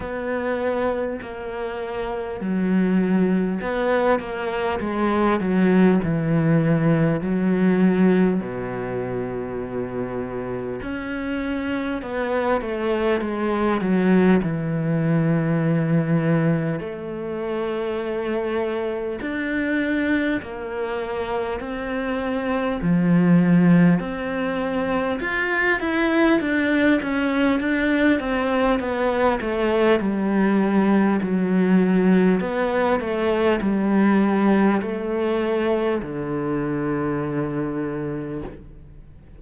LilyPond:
\new Staff \with { instrumentName = "cello" } { \time 4/4 \tempo 4 = 50 b4 ais4 fis4 b8 ais8 | gis8 fis8 e4 fis4 b,4~ | b,4 cis'4 b8 a8 gis8 fis8 | e2 a2 |
d'4 ais4 c'4 f4 | c'4 f'8 e'8 d'8 cis'8 d'8 c'8 | b8 a8 g4 fis4 b8 a8 | g4 a4 d2 | }